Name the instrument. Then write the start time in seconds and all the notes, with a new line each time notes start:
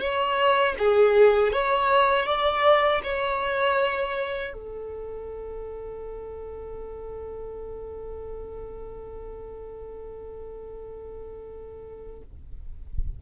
violin
0.00 C#5
0.78 G#4
1.52 C#5
2.26 D5
3.03 C#5
4.53 A4